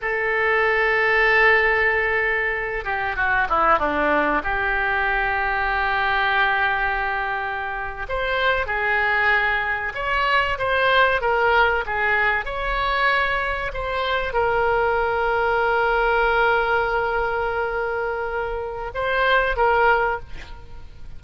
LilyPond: \new Staff \with { instrumentName = "oboe" } { \time 4/4 \tempo 4 = 95 a'1~ | a'8 g'8 fis'8 e'8 d'4 g'4~ | g'1~ | g'8. c''4 gis'2 cis''16~ |
cis''8. c''4 ais'4 gis'4 cis''16~ | cis''4.~ cis''16 c''4 ais'4~ ais'16~ | ais'1~ | ais'2 c''4 ais'4 | }